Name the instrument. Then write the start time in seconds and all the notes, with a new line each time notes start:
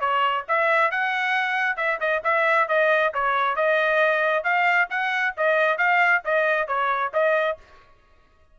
trumpet
0.00 C#5
0.48 E5
0.91 F#5
1.77 E5
2.00 D#5
2.24 E5
2.68 D#5
3.13 C#5
3.56 D#5
4.43 F5
4.89 F#5
5.37 D#5
5.78 F5
6.24 D#5
6.67 C#5
7.13 D#5